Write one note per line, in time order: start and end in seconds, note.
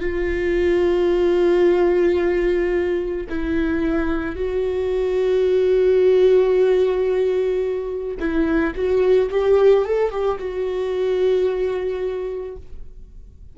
0.00 3.27 F4
3.29 4.35 E4
4.35 8.17 F#4
8.19 8.74 E4
8.75 9.29 F#4
9.30 9.85 G4
9.85 10.11 A4
10.11 10.38 G4
10.38 12.56 F#4